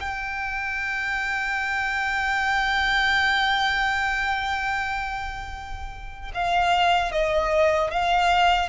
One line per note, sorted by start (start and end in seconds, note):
0.00 6.32 G5
6.34 7.12 F5
7.12 7.91 D#5
7.91 8.69 F5